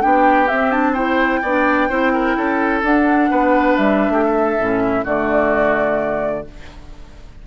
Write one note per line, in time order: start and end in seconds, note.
0.00 0.50 B3
0.00 0.47 D4
0.00 0.92 G4
0.00 0.48 G5
0.48 0.71 C4
0.48 1.42 C4
0.48 0.71 E5
0.71 0.95 D4
0.71 0.94 A5
0.92 1.42 E4
0.92 1.39 C5
0.92 2.81 G5
1.42 1.89 B3
1.42 1.89 D4
1.42 1.88 D5
1.88 2.36 C4
1.88 2.83 E4
1.88 2.12 C5
2.13 2.36 A#4
2.36 2.82 C#4
2.36 3.30 A4
2.82 3.29 D4
2.82 4.59 D4
2.82 3.76 F#5
3.30 3.78 B3
3.30 4.12 B4
3.76 4.09 G3
3.76 5.05 E5
4.09 4.56 A3
4.09 4.24 G4
4.24 4.83 A4
4.59 5.04 A2
4.59 5.04 C#4
4.83 5.04 E4
5.04 6.45 D3
5.04 6.45 A3
5.04 6.44 F#4
5.04 6.47 D5